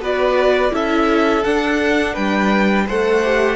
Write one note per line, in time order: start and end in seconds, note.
0.00 0.71 B3
0.00 0.71 F#4
0.00 0.73 B4
0.00 0.75 D5
0.71 1.44 C#4
0.71 1.43 E4
0.71 2.14 A4
0.71 1.44 E5
1.44 2.17 D4
1.44 2.89 D4
1.44 2.15 F#5
2.14 2.88 G3
2.14 2.85 B4
2.14 2.87 G5
2.87 3.57 A3
2.87 3.23 A4
2.87 3.57 C5
2.87 3.57 F#5
3.23 3.57 G4